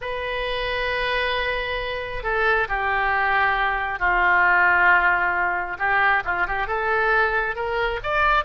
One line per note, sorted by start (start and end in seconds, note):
0.01 2.23 B4
2.23 2.67 A4
2.68 3.99 G4
3.99 5.77 F4
5.78 6.23 G4
6.24 6.46 F4
6.47 6.67 G4
6.67 7.55 A4
7.55 8.00 A#4
8.03 8.44 D5